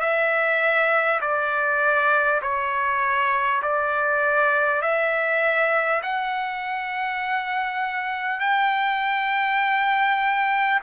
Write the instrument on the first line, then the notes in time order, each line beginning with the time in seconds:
trumpet
0.00 E5
1.21 D5
2.42 C#5
3.62 D5
4.81 E5
6.02 F#5
8.40 G5